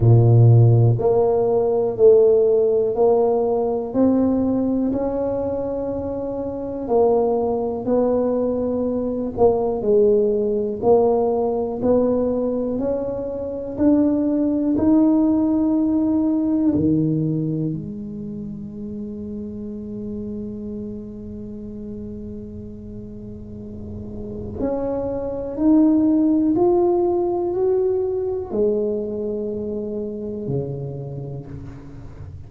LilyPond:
\new Staff \with { instrumentName = "tuba" } { \time 4/4 \tempo 4 = 61 ais,4 ais4 a4 ais4 | c'4 cis'2 ais4 | b4. ais8 gis4 ais4 | b4 cis'4 d'4 dis'4~ |
dis'4 dis4 gis2~ | gis1~ | gis4 cis'4 dis'4 f'4 | fis'4 gis2 cis4 | }